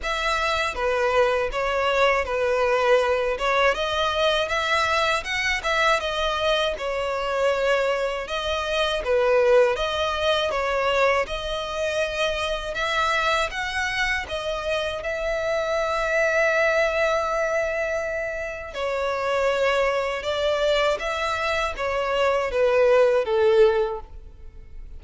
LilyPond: \new Staff \with { instrumentName = "violin" } { \time 4/4 \tempo 4 = 80 e''4 b'4 cis''4 b'4~ | b'8 cis''8 dis''4 e''4 fis''8 e''8 | dis''4 cis''2 dis''4 | b'4 dis''4 cis''4 dis''4~ |
dis''4 e''4 fis''4 dis''4 | e''1~ | e''4 cis''2 d''4 | e''4 cis''4 b'4 a'4 | }